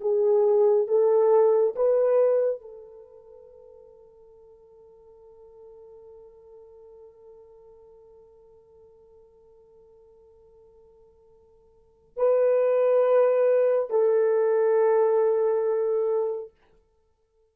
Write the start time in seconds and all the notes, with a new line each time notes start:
0.00 G#4
0.87 A4
1.75 B4
2.61 A4
12.16 B4
13.90 A4